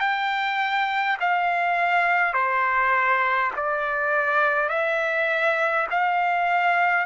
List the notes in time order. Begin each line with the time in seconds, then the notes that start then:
0.00 G5
1.20 F5
2.34 C5
3.57 D5
4.70 E5
5.91 F5